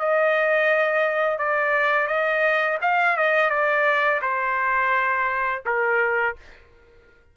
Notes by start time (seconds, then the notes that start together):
0.00 D#5
1.39 D5
2.08 D#5
2.82 F5
3.17 D#5
3.50 D5
4.22 C5
5.66 A#4